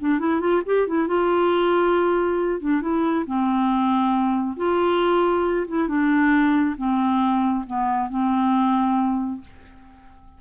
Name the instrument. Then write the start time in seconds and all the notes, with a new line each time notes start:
clarinet
0.00 D4
0.19 E4
0.40 F4
0.66 G4
0.88 E4
1.08 F4
2.61 D4
2.82 E4
3.27 C4
4.57 F4
5.68 E4
5.88 D4
6.77 C4
7.67 B3
8.10 C4